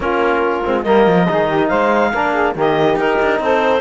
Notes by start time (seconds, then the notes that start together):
0.00 A#3 C#4 F4 A#4
0.64 G#3 C4
0.82 G3 A#3 A#4 D#5
1.06 F3
1.28 D#3 D#4 G#4
1.47 G4
1.67 G#3 C5 F5
2.12 A#3 D4 A#4
2.32 G#4
2.54 D#3 A#3 G4 D#5
2.95 D#4 A#4
3.22 D4
3.39 C4 A4 C5